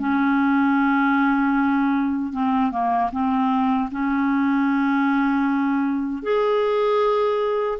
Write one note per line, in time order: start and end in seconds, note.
0.00 2.33 C#4
2.33 2.72 C4
2.72 3.11 A#3
3.12 3.90 C4
3.92 6.23 C#4
6.23 7.79 G#4